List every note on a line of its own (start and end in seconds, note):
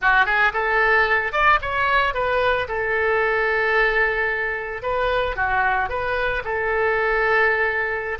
0.01 0.25 F#4
0.25 0.52 G#4
0.53 1.32 A4
1.32 1.59 D5
1.61 2.14 C#5
2.14 2.67 B4
2.68 4.82 A4
4.82 5.35 B4
5.36 5.89 F#4
5.89 6.43 B4
6.44 8.18 A4